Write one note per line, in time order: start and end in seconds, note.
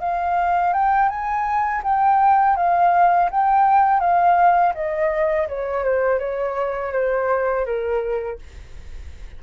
0.00 0.73 F5
0.73 1.09 G5
1.09 1.82 G#5
1.83 2.56 G5
2.56 3.30 F5
3.31 4.00 G5
4.00 4.73 F5
4.74 5.47 D#5
5.48 5.84 C#5
5.84 6.19 C5
6.19 6.92 C#5
6.92 7.65 C5
7.66 8.39 A#4